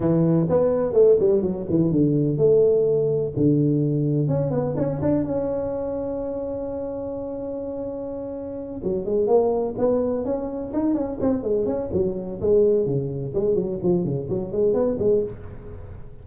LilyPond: \new Staff \with { instrumentName = "tuba" } { \time 4/4 \tempo 4 = 126 e4 b4 a8 g8 fis8 e8 | d4 a2 d4~ | d4 cis'8 b8 cis'8 d'8 cis'4~ | cis'1~ |
cis'2~ cis'8 fis8 gis8 ais8~ | ais8 b4 cis'4 dis'8 cis'8 c'8 | gis8 cis'8 fis4 gis4 cis4 | gis8 fis8 f8 cis8 fis8 gis8 b8 gis8 | }